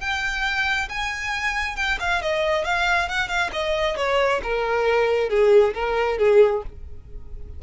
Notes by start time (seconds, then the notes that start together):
0.00 G5
0.89 G#5
1.76 G5
2.00 F5
2.22 D#5
2.65 F5
3.08 F#5
3.28 F5
3.52 D#5
3.96 C#5
4.43 A#4
5.29 G#4
5.74 A#4
6.18 G#4